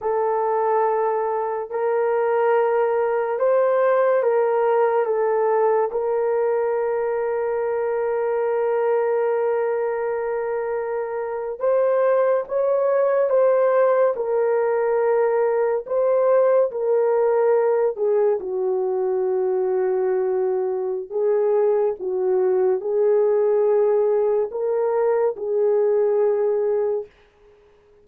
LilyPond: \new Staff \with { instrumentName = "horn" } { \time 4/4 \tempo 4 = 71 a'2 ais'2 | c''4 ais'4 a'4 ais'4~ | ais'1~ | ais'4.~ ais'16 c''4 cis''4 c''16~ |
c''8. ais'2 c''4 ais'16~ | ais'4~ ais'16 gis'8 fis'2~ fis'16~ | fis'4 gis'4 fis'4 gis'4~ | gis'4 ais'4 gis'2 | }